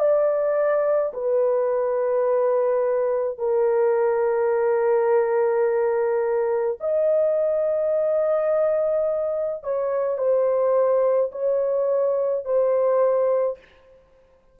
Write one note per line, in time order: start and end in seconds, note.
0.00 1.13 D5
1.14 3.39 B4
3.39 6.78 A#4
6.81 9.64 D#5
9.64 10.18 C#5
10.18 11.32 C5
11.32 12.45 C#5
12.45 13.58 C5